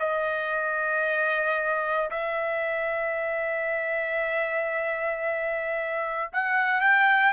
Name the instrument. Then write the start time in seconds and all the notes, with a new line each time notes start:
trumpet
0.00 D#5
2.11 E5
6.33 F#5
6.81 G5